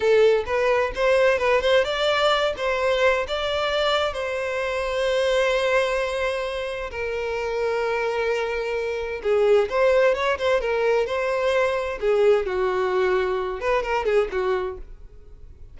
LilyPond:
\new Staff \with { instrumentName = "violin" } { \time 4/4 \tempo 4 = 130 a'4 b'4 c''4 b'8 c''8 | d''4. c''4. d''4~ | d''4 c''2.~ | c''2. ais'4~ |
ais'1 | gis'4 c''4 cis''8 c''8 ais'4 | c''2 gis'4 fis'4~ | fis'4. b'8 ais'8 gis'8 fis'4 | }